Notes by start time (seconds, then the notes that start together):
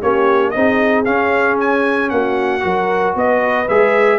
0.00 A#3 C#4 G4 C#5
0.51 C4 D#4 G#4 D#5
1.05 C#4 F5
1.60 G#5
2.10 A#3 F#4 F#5
2.61 F#3 F#4 A#4
3.16 B3 B4 D#5
3.69 G#3 G#4 E5